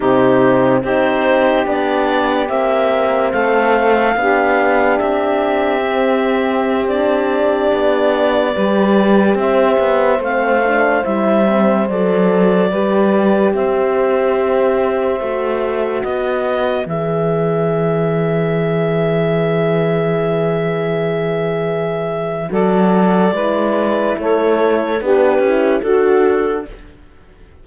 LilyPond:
<<
  \new Staff \with { instrumentName = "clarinet" } { \time 4/4 \tempo 4 = 72 g'4 c''4 d''4 e''4 | f''2 e''2~ | e''16 d''2. e''8.~ | e''16 f''4 e''4 d''4.~ d''16~ |
d''16 e''2. dis''8.~ | dis''16 e''2.~ e''8.~ | e''2. d''4~ | d''4 cis''4 b'4 a'4 | }
  \new Staff \with { instrumentName = "saxophone" } { \time 4/4 dis'4 g'2. | a'4 g'2.~ | g'2~ g'16 b'4 c''8.~ | c''2.~ c''16 b'8.~ |
b'16 c''2. b'8.~ | b'1~ | b'2. a'4 | b'4 a'4 g'4 fis'4 | }
  \new Staff \with { instrumentName = "horn" } { \time 4/4 c'4 dis'4 d'4 c'4~ | c'4 d'2 c'4~ | c'16 d'2 g'4.~ g'16~ | g'16 c'8 d'8 e'8 c'8 a'4 g'8.~ |
g'2~ g'16 fis'4.~ fis'16~ | fis'16 gis'2.~ gis'8.~ | gis'2. fis'4 | e'2 d'8 e'8 fis'4 | }
  \new Staff \with { instrumentName = "cello" } { \time 4/4 c4 c'4 b4 ais4 | a4 b4 c'2~ | c'4~ c'16 b4 g4 c'8 b16~ | b16 a4 g4 fis4 g8.~ |
g16 c'2 a4 b8.~ | b16 e2.~ e8.~ | e2. fis4 | gis4 a4 b8 cis'8 d'4 | }
>>